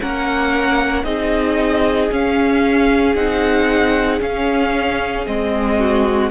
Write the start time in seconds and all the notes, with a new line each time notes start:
0.00 A#3 C#4 A#4 F#5
1.04 C4 D#4 G#4 D#5
2.11 C#4 F5
3.15 C4 D#4 F#5
4.20 C#4 F5
5.26 G#3 C4 D#5
5.79 F#4